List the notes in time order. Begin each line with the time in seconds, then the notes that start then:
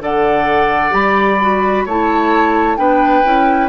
0.00 D3 A4 D5 F#5
0.90 G3 G4 B5
1.41 F#4
1.85 A3 E4 C#5 A5
2.76 B3 D4 B4 G5
3.23 C#4 E4